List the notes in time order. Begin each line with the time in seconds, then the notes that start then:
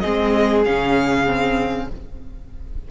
0.00 G#3 C4 G#4 D#5
0.65 C#3 C#4 F5
1.26 C4